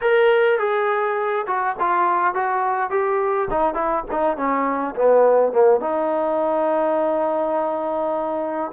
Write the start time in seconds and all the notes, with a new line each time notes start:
0.01 A#4
0.58 G#4
1.46 F#4
1.79 F4
2.34 F#4
2.90 G4
3.50 D#4
3.74 E4
4.11 D#4
4.36 C#4
4.95 B3
5.52 A#3
5.80 D#4